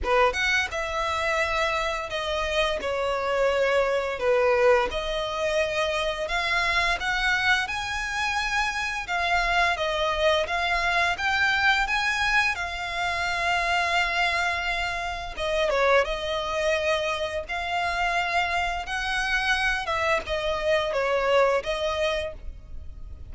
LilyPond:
\new Staff \with { instrumentName = "violin" } { \time 4/4 \tempo 4 = 86 b'8 fis''8 e''2 dis''4 | cis''2 b'4 dis''4~ | dis''4 f''4 fis''4 gis''4~ | gis''4 f''4 dis''4 f''4 |
g''4 gis''4 f''2~ | f''2 dis''8 cis''8 dis''4~ | dis''4 f''2 fis''4~ | fis''8 e''8 dis''4 cis''4 dis''4 | }